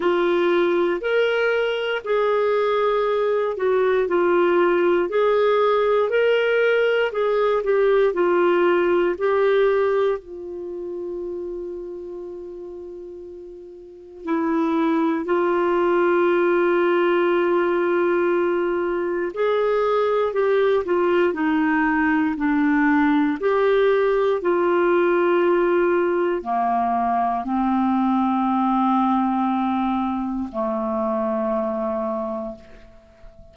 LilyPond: \new Staff \with { instrumentName = "clarinet" } { \time 4/4 \tempo 4 = 59 f'4 ais'4 gis'4. fis'8 | f'4 gis'4 ais'4 gis'8 g'8 | f'4 g'4 f'2~ | f'2 e'4 f'4~ |
f'2. gis'4 | g'8 f'8 dis'4 d'4 g'4 | f'2 ais4 c'4~ | c'2 a2 | }